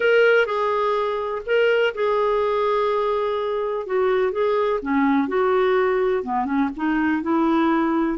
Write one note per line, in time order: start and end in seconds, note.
0.00 0.45 A#4
0.45 1.41 G#4
1.45 1.93 A#4
1.94 3.86 G#4
3.86 4.32 F#4
4.32 4.80 G#4
4.82 5.28 C#4
5.28 6.23 F#4
6.23 6.45 B3
6.45 6.69 C#4
6.76 7.22 D#4
7.22 8.18 E4